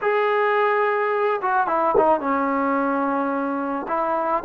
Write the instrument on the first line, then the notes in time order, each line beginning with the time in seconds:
trombone
0.02 G#4
1.41 F#4
1.67 E4
1.97 D#4
2.19 C#4
3.87 E4